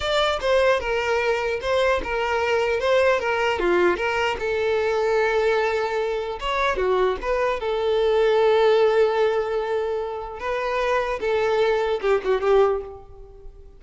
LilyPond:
\new Staff \with { instrumentName = "violin" } { \time 4/4 \tempo 4 = 150 d''4 c''4 ais'2 | c''4 ais'2 c''4 | ais'4 f'4 ais'4 a'4~ | a'1 |
cis''4 fis'4 b'4 a'4~ | a'1~ | a'2 b'2 | a'2 g'8 fis'8 g'4 | }